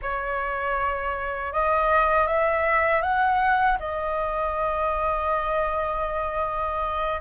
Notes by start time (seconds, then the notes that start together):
0.02 C#5
1.52 D#5
2.27 E5
3.02 F#5
3.79 D#5